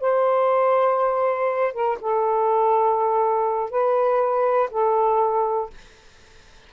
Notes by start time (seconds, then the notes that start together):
0.00 C5
1.73 A#4
2.01 A4
3.70 B4
4.71 A4